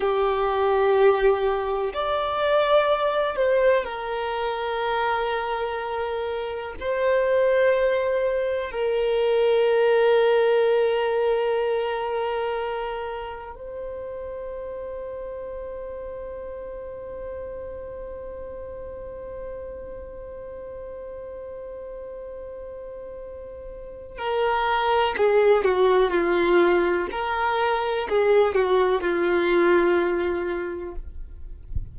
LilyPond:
\new Staff \with { instrumentName = "violin" } { \time 4/4 \tempo 4 = 62 g'2 d''4. c''8 | ais'2. c''4~ | c''4 ais'2.~ | ais'2 c''2~ |
c''1~ | c''1~ | c''4 ais'4 gis'8 fis'8 f'4 | ais'4 gis'8 fis'8 f'2 | }